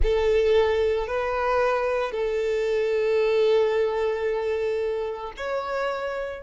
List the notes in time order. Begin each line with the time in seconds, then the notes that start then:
0.02 A4
1.07 B4
2.11 A4
5.36 C#5